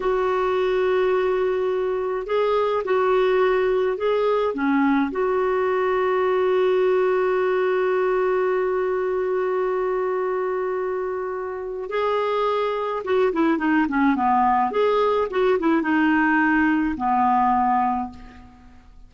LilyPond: \new Staff \with { instrumentName = "clarinet" } { \time 4/4 \tempo 4 = 106 fis'1 | gis'4 fis'2 gis'4 | cis'4 fis'2.~ | fis'1~ |
fis'1~ | fis'4 gis'2 fis'8 e'8 | dis'8 cis'8 b4 gis'4 fis'8 e'8 | dis'2 b2 | }